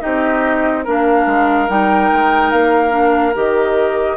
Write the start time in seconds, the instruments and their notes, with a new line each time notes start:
0.00 bassoon C4, clarinet D#4, oboe G4, flute D#5
0.84 bassoon A#3, clarinet D4, oboe A#4, flute F5
1.26 bassoon G#3
1.69 bassoon G3, clarinet D#4, flute G5
2.12 bassoon G#3
2.51 bassoon A#3, flute F5
2.90 clarinet D4
3.34 bassoon D#3, clarinet G4, flute D#5